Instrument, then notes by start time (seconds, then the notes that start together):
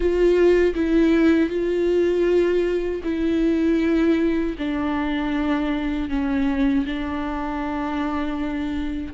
viola
0.00 F4
0.74 E4
1.49 F4
3.03 E4
4.58 D4
6.09 C#4
6.86 D4